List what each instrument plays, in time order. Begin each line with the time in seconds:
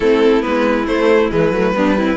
0.00 cello A3, viola C4, violin E4 A4
0.42 cello G#3, viola B3, violin B4
0.86 viola A3, cello A3, violin C5
1.30 cello E3, viola G#3, violin B4
1.50 cello F#3, viola A3
1.73 cello G3, viola B3, violin D4
1.97 viola C4, violin E4